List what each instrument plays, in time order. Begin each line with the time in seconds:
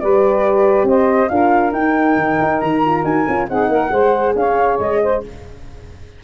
0.00 tuba G3, horn G4, saxophone B4, flute D5
0.84 tuba C4, saxophone C5, flute D#5
1.29 tuba D4, horn F4, saxophone A#4, flute F5
1.73 tuba D#4, horn D#4, flute G5
2.16 tuba D#3
2.41 tuba D#4
2.60 tuba D#3, flute A#5
2.86 horn F4
3.04 tuba D#4, horn F#4, flute G#5
3.28 tuba C#4, horn F4
3.48 tuba C4, horn D#4, saxophone G#4, flute F#5
3.69 tuba A#3, saxophone A#4
3.91 tuba G#3, horn G#4, saxophone C5
4.36 tuba C#4, saxophone C#5, flute F5
4.80 tuba G#3, flute D#5
5.02 saxophone C5